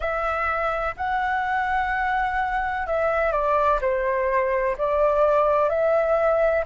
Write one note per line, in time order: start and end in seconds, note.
0.00 0.95 E5
0.96 2.86 F#5
2.86 3.32 E5
3.32 3.79 D5
3.81 4.76 C5
4.77 5.69 D5
5.69 6.64 E5